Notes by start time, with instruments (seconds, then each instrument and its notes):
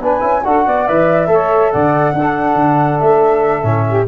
0.00 tuba B3, trombone D4, saxophone B4, flute G#5
0.21 tuba C#4, trombone E4
0.45 tuba D4, trombone F#4, saxophone A4, flute F#5
0.66 tuba B3, saxophone D5
0.88 tuba E3, trombone B4, flute E5
1.28 tuba A3, trombone A4, saxophone C#5
1.72 tuba D3, saxophone D5, flute F#5
2.14 tuba D4, saxophone A4
2.21 trombone D4
2.55 tuba D3
2.99 tuba A3, flute E5
3.63 tuba A2, trombone C#4
3.88 saxophone G4